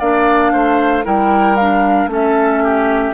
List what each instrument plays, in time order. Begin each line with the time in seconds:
0.00 bassoon A#3, clarinet D4, oboe D5, flute F5
0.53 bassoon A3, oboe C5
1.04 bassoon G3, clarinet E4, oboe A#4, flute G5
1.57 clarinet D4, flute F5
2.07 bassoon A3, clarinet C#4, oboe A4
2.14 flute E5
2.64 oboe G4